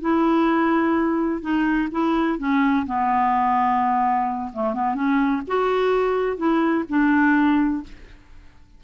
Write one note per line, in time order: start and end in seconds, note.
0.00 1.41 E4
1.41 1.88 D#4
1.91 2.38 E4
2.38 2.85 C#4
2.86 4.51 B3
4.52 4.74 A3
4.74 4.94 B3
4.94 5.41 C#4
5.47 6.37 F#4
6.37 6.84 E4
6.89 7.83 D4